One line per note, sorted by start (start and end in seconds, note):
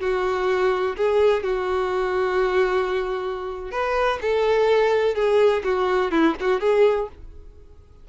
0.00 0.96 F#4
0.96 1.43 G#4
1.43 3.71 F#4
3.71 4.19 B4
4.21 5.15 A4
5.15 5.63 G#4
5.64 6.11 F#4
6.11 6.35 E4
6.40 6.60 F#4
6.60 7.08 G#4